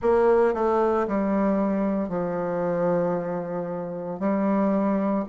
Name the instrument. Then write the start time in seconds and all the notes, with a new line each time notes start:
bassoon
0.02 A#3
0.54 A3
1.07 G3
2.09 F3
4.19 G3